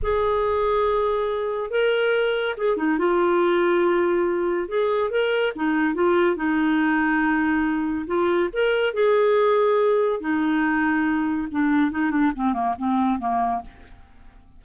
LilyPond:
\new Staff \with { instrumentName = "clarinet" } { \time 4/4 \tempo 4 = 141 gis'1 | ais'2 gis'8 dis'8 f'4~ | f'2. gis'4 | ais'4 dis'4 f'4 dis'4~ |
dis'2. f'4 | ais'4 gis'2. | dis'2. d'4 | dis'8 d'8 c'8 ais8 c'4 ais4 | }